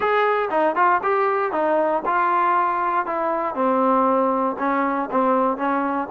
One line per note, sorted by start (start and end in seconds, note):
0.00 0.49 G#4
0.50 0.75 D#4
0.75 1.01 F4
1.03 1.52 G4
1.52 2.02 D#4
2.05 3.06 F4
3.06 3.54 E4
3.54 4.56 C4
4.59 5.09 C#4
5.11 5.57 C4
5.57 6.08 C#4